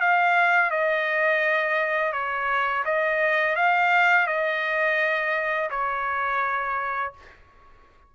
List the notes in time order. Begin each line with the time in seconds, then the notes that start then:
0.00 F5
0.70 D#5
2.12 C#5
2.85 D#5
3.56 F5
4.27 D#5
5.70 C#5